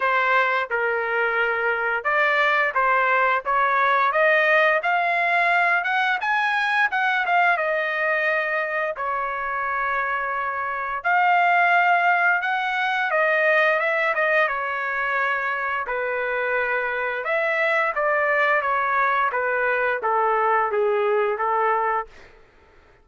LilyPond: \new Staff \with { instrumentName = "trumpet" } { \time 4/4 \tempo 4 = 87 c''4 ais'2 d''4 | c''4 cis''4 dis''4 f''4~ | f''8 fis''8 gis''4 fis''8 f''8 dis''4~ | dis''4 cis''2. |
f''2 fis''4 dis''4 | e''8 dis''8 cis''2 b'4~ | b'4 e''4 d''4 cis''4 | b'4 a'4 gis'4 a'4 | }